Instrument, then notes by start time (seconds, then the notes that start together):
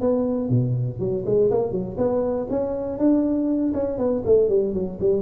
tuba
0.00 B3
0.49 B2
0.99 F#3
1.25 G#3
1.50 A#3
1.71 F#3
1.97 B3
2.50 C#4
2.98 D4
3.73 C#4
3.98 B3
4.25 A3
4.48 G3
4.73 F#3
5.00 G3